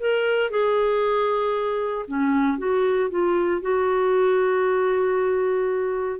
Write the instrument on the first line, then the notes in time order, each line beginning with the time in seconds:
clarinet
0.00 A#4
0.51 G#4
2.08 C#4
2.59 F#4
3.10 F4
3.62 F#4